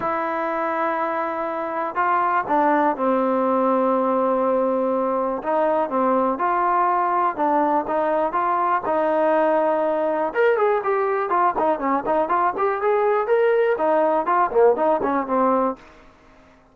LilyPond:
\new Staff \with { instrumentName = "trombone" } { \time 4/4 \tempo 4 = 122 e'1 | f'4 d'4 c'2~ | c'2. dis'4 | c'4 f'2 d'4 |
dis'4 f'4 dis'2~ | dis'4 ais'8 gis'8 g'4 f'8 dis'8 | cis'8 dis'8 f'8 g'8 gis'4 ais'4 | dis'4 f'8 ais8 dis'8 cis'8 c'4 | }